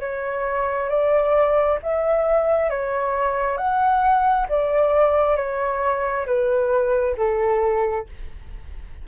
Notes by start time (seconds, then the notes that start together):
0.00 C#5
0.89 D5
1.82 E5
2.70 C#5
3.57 F#5
4.49 D5
5.36 C#5
6.26 B4
7.17 A4